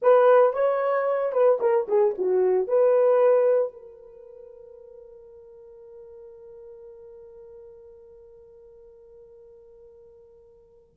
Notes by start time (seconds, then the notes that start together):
0.02 B4
0.53 C#5
1.32 B4
1.60 A#4
1.87 G#4
2.18 F#4
2.67 B4
3.72 A#4